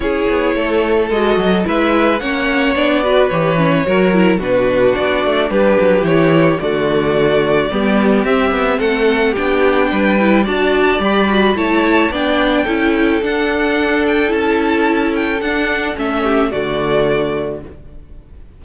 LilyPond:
<<
  \new Staff \with { instrumentName = "violin" } { \time 4/4 \tempo 4 = 109 cis''2 dis''4 e''4 | fis''4 d''4 cis''2 | b'4 d''4 b'4 cis''4 | d''2. e''4 |
fis''4 g''2 a''4 | b''4 a''4 g''2 | fis''4. g''8 a''4. g''8 | fis''4 e''4 d''2 | }
  \new Staff \with { instrumentName = "violin" } { \time 4/4 gis'4 a'2 b'4 | cis''4. b'4. ais'4 | fis'2 g'2 | fis'2 g'2 |
a'4 g'4 b'4 d''4~ | d''4 cis''4 d''4 a'4~ | a'1~ | a'4. g'8 fis'2 | }
  \new Staff \with { instrumentName = "viola" } { \time 4/4 e'2 fis'4 e'4 | cis'4 d'8 fis'8 g'8 cis'8 fis'8 e'8 | d'2. e'4 | a2 b4 c'4~ |
c'4 d'4. e'8 fis'4 | g'8 fis'8 e'4 d'4 e'4 | d'2 e'2 | d'4 cis'4 a2 | }
  \new Staff \with { instrumentName = "cello" } { \time 4/4 cis'8 b8 a4 gis8 fis8 gis4 | ais4 b4 e4 fis4 | b,4 b8 a8 g8 fis8 e4 | d2 g4 c'8 b8 |
a4 b4 g4 d'4 | g4 a4 b4 cis'4 | d'2 cis'2 | d'4 a4 d2 | }
>>